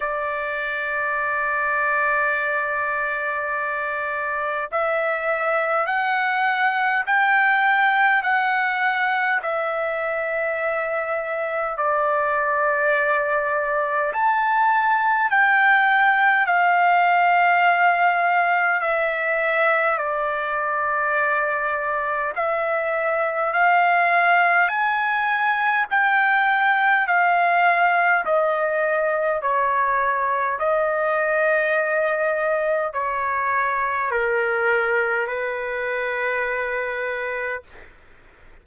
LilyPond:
\new Staff \with { instrumentName = "trumpet" } { \time 4/4 \tempo 4 = 51 d''1 | e''4 fis''4 g''4 fis''4 | e''2 d''2 | a''4 g''4 f''2 |
e''4 d''2 e''4 | f''4 gis''4 g''4 f''4 | dis''4 cis''4 dis''2 | cis''4 ais'4 b'2 | }